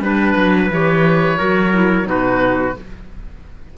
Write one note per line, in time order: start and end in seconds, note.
0.00 0.34 G3
0.00 0.71 D4
0.00 0.71 B4
0.00 1.38 B4
0.36 0.70 F#3
0.70 1.38 E3
0.70 1.37 G4
0.70 2.09 C#5
1.37 2.07 F#3
1.37 1.71 F#4
1.37 2.07 A#4
1.73 2.04 E4
2.04 2.75 B2
2.04 2.72 D#4
2.04 2.77 F#4
2.04 2.78 B4